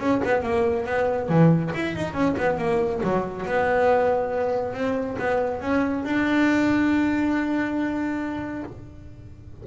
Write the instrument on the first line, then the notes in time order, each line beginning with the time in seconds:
double bass
0.00 C#4
0.25 B3
0.43 A#3
0.86 B3
1.29 E3
1.75 E4
1.96 D#4
2.14 C#4
2.38 B3
2.59 A#3
3.04 F#3
3.46 B3
4.74 C4
5.19 B3
5.62 C#4
6.05 D4